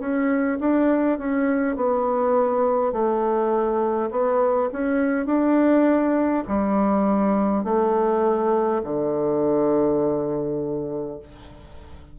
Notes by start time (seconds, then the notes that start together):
0.00 C#4
0.60 D4
1.19 C#4
1.76 B3
2.93 A3
4.11 B3
4.73 C#4
5.27 D4
6.48 G3
7.65 A3
8.84 D3